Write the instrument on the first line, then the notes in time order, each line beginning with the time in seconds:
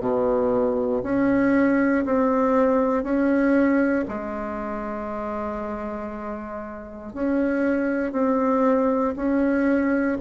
bassoon
0.00 B2
1.03 C#4
2.05 C4
3.03 C#4
4.08 G#3
7.13 C#4
8.12 C4
9.16 C#4